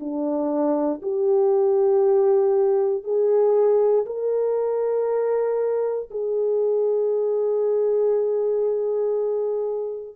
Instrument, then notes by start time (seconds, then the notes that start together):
horn
0.00 D4
1.03 G4
3.04 G#4
4.06 A#4
6.11 G#4